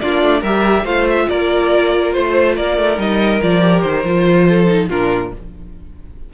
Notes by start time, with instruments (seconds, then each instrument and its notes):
0.00 cello A#3, viola D4, violin F4 D5
0.22 cello A3
0.40 cello G3, viola G4, violin A#4 E5
0.84 cello A3, viola F4, violin C5 F5
1.09 violin E5
1.29 cello A#3, violin A#4 D5
2.12 cello A3, violin C5
2.55 cello A#3, violin A#4 D5
2.77 cello A3
2.96 cello G3, viola D#4, violin D#5
3.42 cello F3, viola F4, violin D5
3.61 viola G4
3.81 cello D#3, violin C5
4.04 cello F3, viola F4
4.49 violin A4
4.67 viola D#4
4.89 cello A#2, viola D4, violin F4 A#4